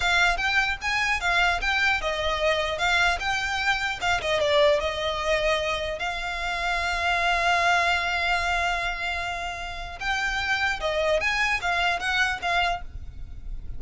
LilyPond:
\new Staff \with { instrumentName = "violin" } { \time 4/4 \tempo 4 = 150 f''4 g''4 gis''4 f''4 | g''4 dis''2 f''4 | g''2 f''8 dis''8 d''4 | dis''2. f''4~ |
f''1~ | f''1~ | f''4 g''2 dis''4 | gis''4 f''4 fis''4 f''4 | }